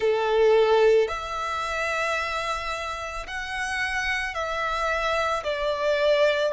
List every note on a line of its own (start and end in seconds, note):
0.00 1.08 A4
1.08 3.26 E5
3.27 4.34 F#5
4.34 5.43 E5
5.43 6.52 D5